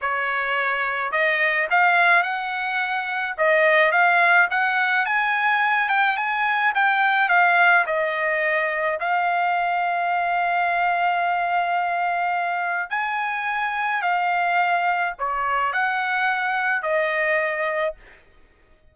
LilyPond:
\new Staff \with { instrumentName = "trumpet" } { \time 4/4 \tempo 4 = 107 cis''2 dis''4 f''4 | fis''2 dis''4 f''4 | fis''4 gis''4. g''8 gis''4 | g''4 f''4 dis''2 |
f''1~ | f''2. gis''4~ | gis''4 f''2 cis''4 | fis''2 dis''2 | }